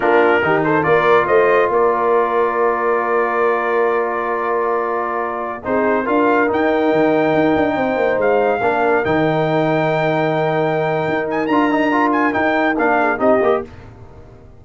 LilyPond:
<<
  \new Staff \with { instrumentName = "trumpet" } { \time 4/4 \tempo 4 = 141 ais'4. c''8 d''4 dis''4 | d''1~ | d''1~ | d''4~ d''16 c''4 f''4 g''8.~ |
g''2.~ g''16 f''8.~ | f''4~ f''16 g''2~ g''8.~ | g''2~ g''8 gis''8 ais''4~ | ais''8 gis''8 g''4 f''4 dis''4 | }
  \new Staff \with { instrumentName = "horn" } { \time 4/4 f'4 g'8 a'8 ais'4 c''4 | ais'1~ | ais'1~ | ais'4~ ais'16 gis'4 ais'4.~ ais'16~ |
ais'2~ ais'16 c''4.~ c''16~ | c''16 ais'2.~ ais'8.~ | ais'1~ | ais'2~ ais'8 gis'8 g'4 | }
  \new Staff \with { instrumentName = "trombone" } { \time 4/4 d'4 dis'4 f'2~ | f'1~ | f'1~ | f'4~ f'16 dis'4 f'4 dis'8.~ |
dis'1~ | dis'16 d'4 dis'2~ dis'8.~ | dis'2. f'8 dis'8 | f'4 dis'4 d'4 dis'8 g'8 | }
  \new Staff \with { instrumentName = "tuba" } { \time 4/4 ais4 dis4 ais4 a4 | ais1~ | ais1~ | ais4~ ais16 c'4 d'4 dis'8.~ |
dis'16 dis4 dis'8 d'8 c'8 ais8 gis8.~ | gis16 ais4 dis2~ dis8.~ | dis2 dis'4 d'4~ | d'4 dis'4 ais4 c'8 ais8 | }
>>